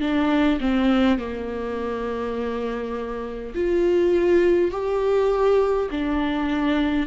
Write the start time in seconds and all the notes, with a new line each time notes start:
0.00 D4
0.60 C4
1.18 A#3
3.55 F4
4.71 G4
5.90 D4